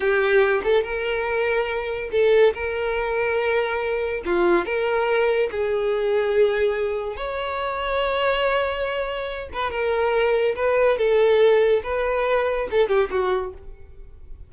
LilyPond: \new Staff \with { instrumentName = "violin" } { \time 4/4 \tempo 4 = 142 g'4. a'8 ais'2~ | ais'4 a'4 ais'2~ | ais'2 f'4 ais'4~ | ais'4 gis'2.~ |
gis'4 cis''2.~ | cis''2~ cis''8 b'8 ais'4~ | ais'4 b'4 a'2 | b'2 a'8 g'8 fis'4 | }